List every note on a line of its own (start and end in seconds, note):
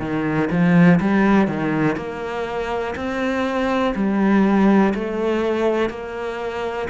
0.00 0.49 D#3
0.50 0.99 F3
1.00 1.48 G3
1.48 1.96 D#3
1.96 2.95 A#3
2.96 3.94 C4
3.95 4.94 G3
4.94 5.89 A3
5.89 6.88 A#3